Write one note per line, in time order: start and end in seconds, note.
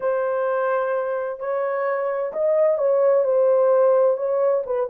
0.00 1.39 C5
1.39 2.32 C#5
2.33 2.78 D#5
2.78 3.24 C#5
3.24 4.17 C5
4.17 4.63 C#5
4.66 4.89 B4